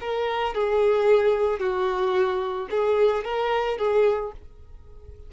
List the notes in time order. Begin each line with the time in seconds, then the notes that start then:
0.00 A#4
0.54 G#4
1.59 F#4
2.70 G#4
3.24 A#4
3.77 G#4